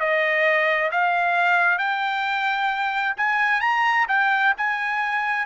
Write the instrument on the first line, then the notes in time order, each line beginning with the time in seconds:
trumpet
0.00 D#5
0.91 F5
1.78 G5
3.17 G#5
3.61 A#5
4.08 G5
4.57 G#5